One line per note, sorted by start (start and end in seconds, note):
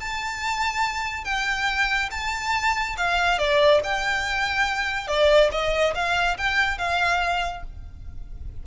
0.00 1.25 A5
1.25 2.10 G5
2.11 2.96 A5
2.97 3.38 F5
3.38 3.81 D5
3.84 5.08 G5
5.08 5.50 D5
5.51 5.94 D#5
5.95 6.38 F5
6.38 6.78 G5
6.78 7.63 F5